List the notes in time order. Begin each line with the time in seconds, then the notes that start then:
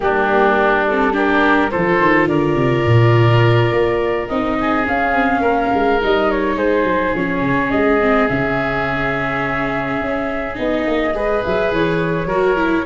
0.00 G3 A#3 D4 G4
0.87 C4 A4
1.12 D4 G4 A#4
1.70 F3 F4 A4 C5
1.99 D#3
2.27 D3 A#4 D5
2.54 C3
2.85 A#2
3.71 A#3
4.28 C4 D#4 D#5
4.60 G#4
4.84 C#4 F5
5.13 C4
5.40 A#3 A#4
5.74 G#3
6.01 G3 D#4 D#5
6.30 C#5
6.56 G#3 G#4 C5
6.83 F#3
7.15 F3 C#4 C#5
7.41 C#3
7.70 G#3 D#5
8.00 C4
8.28 C#3 C#4 E5
10.01 C#4
10.54 B3 D#4 D#5
10.86 A#3
11.14 G#3 G#4 B4
11.44 F#3 E5
11.71 E3 C#5
12.25 F#3 F#4 A#4
12.56 E4